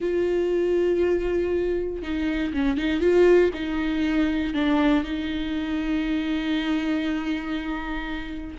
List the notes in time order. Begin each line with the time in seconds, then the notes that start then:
0.00 F4
2.02 D#4
2.53 C#4
2.77 D#4
3.00 F4
3.53 D#4
4.54 D4
5.04 D#4